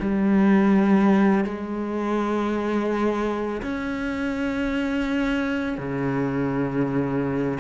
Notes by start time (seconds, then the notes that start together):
0.00 G3
1.45 G#3
3.62 C#4
5.78 C#3